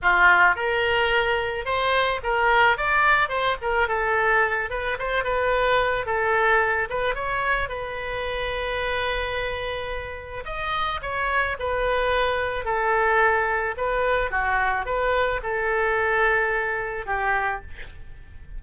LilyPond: \new Staff \with { instrumentName = "oboe" } { \time 4/4 \tempo 4 = 109 f'4 ais'2 c''4 | ais'4 d''4 c''8 ais'8 a'4~ | a'8 b'8 c''8 b'4. a'4~ | a'8 b'8 cis''4 b'2~ |
b'2. dis''4 | cis''4 b'2 a'4~ | a'4 b'4 fis'4 b'4 | a'2. g'4 | }